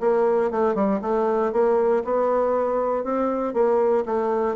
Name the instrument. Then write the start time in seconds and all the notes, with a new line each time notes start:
bassoon
0.00 A#3
0.51 A3
0.75 G3
1.01 A3
1.52 A#3
2.04 B3
3.04 C4
3.53 A#3
4.06 A3